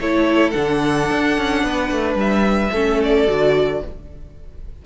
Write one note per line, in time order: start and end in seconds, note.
0.00 0.55 A3
0.00 0.55 E4
0.00 1.65 A4
0.00 0.51 C#5
0.51 1.11 D3
0.51 2.73 D4
0.51 2.15 F#5
1.11 1.38 D4
1.38 1.64 C#4
1.64 1.91 B3
1.64 2.72 B4
1.92 2.15 A3
2.15 2.70 G3
2.15 3.02 E5
2.72 3.28 A3
2.72 3.28 C#4
2.72 3.81 A4
3.04 3.86 D5
3.28 3.83 D3
3.28 3.82 F#4